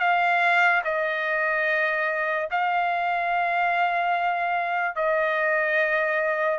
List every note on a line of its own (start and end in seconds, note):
0.00 0.82 F5
0.85 2.49 D#5
2.51 4.96 F5
4.96 6.59 D#5